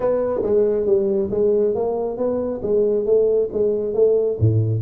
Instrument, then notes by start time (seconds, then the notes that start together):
tuba
0.00 B3
0.42 G#3
0.85 G3
1.30 G#3
1.74 A#3
2.17 B3
2.62 G#3
3.05 A3
3.53 G#3
3.94 A3
4.39 A2